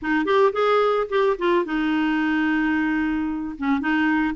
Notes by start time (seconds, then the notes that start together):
0.01 D#4
0.25 G4
0.52 G#4
1.09 G4
1.38 F4
1.65 D#4
3.58 C#4
3.80 D#4